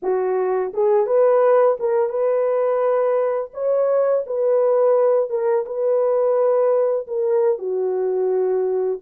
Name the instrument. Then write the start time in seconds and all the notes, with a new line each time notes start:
horn
0.02 F#4
0.73 G#4
1.06 B4
1.79 A#4
2.09 B4
3.53 C#5
4.26 B4
5.29 A#4
5.65 B4
7.07 A#4
7.58 F#4